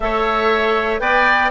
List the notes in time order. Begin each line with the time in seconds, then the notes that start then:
0.00 A3 A4 C#5 E5
0.99 B3 B4 D5 G5